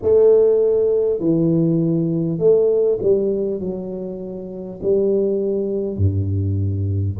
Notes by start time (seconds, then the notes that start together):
0.02 A3
1.19 E3
2.38 A3
3.02 G3
3.60 F#3
4.82 G3
5.97 G2